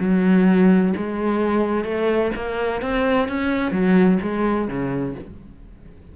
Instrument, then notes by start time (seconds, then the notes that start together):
cello
0.00 F#3
0.97 G#3
1.85 A3
2.36 A#3
2.82 C4
3.29 C#4
3.72 F#3
4.23 G#3
4.68 C#3